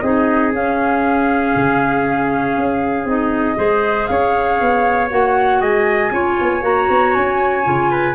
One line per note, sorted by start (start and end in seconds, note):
0.00 0.52 C4
0.00 0.53 D#4
0.00 3.58 G#4
0.00 0.51 D#5
0.52 1.54 C#4
0.52 3.07 C#4
0.52 3.07 F5
1.55 2.57 C#3
2.57 3.04 C#4
3.04 3.55 C4
3.04 3.56 D#4
3.04 4.06 D#5
3.56 4.08 G#3
3.56 5.08 G#4
3.56 4.09 C5
4.06 4.60 C#4
4.06 5.60 C#5
4.06 5.08 F5
4.60 5.11 B3
5.10 5.61 A#3
5.10 6.11 F#4
5.10 5.61 F#5
5.60 6.11 G#3
5.60 6.11 D#5
5.60 6.63 G#5
6.11 6.36 C#4
6.11 6.61 F4
6.11 7.91 C#5
6.40 6.62 B3
6.61 6.87 A#3
6.61 7.62 F#4
6.61 7.13 A#5
6.90 7.15 B3
7.13 7.66 C#4
7.13 8.14 G#5
7.63 8.14 C#3
7.63 8.14 F4
7.91 8.14 B4